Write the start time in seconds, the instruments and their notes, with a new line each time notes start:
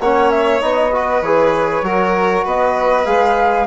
0.00 bassoon A#3, trombone C#4, violin C#5, flute F#5
0.31 flute E5
0.61 bassoon B3, trombone D#4, flute D#5
0.93 trombone F#4, violin B4
1.22 bassoon E3, trombone G#4, flute C#5
1.82 bassoon F#3, trombone F#4, violin A#4
2.44 bassoon B3, violin B4, flute D#5
3.06 bassoon G#3, trombone G#4, flute F5